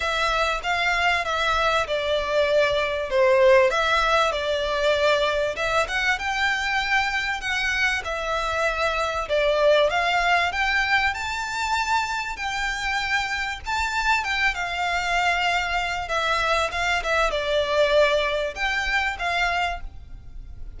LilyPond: \new Staff \with { instrumentName = "violin" } { \time 4/4 \tempo 4 = 97 e''4 f''4 e''4 d''4~ | d''4 c''4 e''4 d''4~ | d''4 e''8 fis''8 g''2 | fis''4 e''2 d''4 |
f''4 g''4 a''2 | g''2 a''4 g''8 f''8~ | f''2 e''4 f''8 e''8 | d''2 g''4 f''4 | }